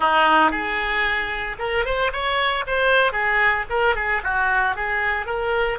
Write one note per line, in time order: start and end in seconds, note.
0.00 0.51 D#4
0.51 1.56 G#4
1.59 1.85 A#4
1.85 2.11 C5
2.12 2.65 C#5
2.66 3.12 C5
3.12 3.65 G#4
3.69 3.95 A#4
3.95 4.22 G#4
4.23 4.75 F#4
4.75 5.26 G#4
5.26 5.78 A#4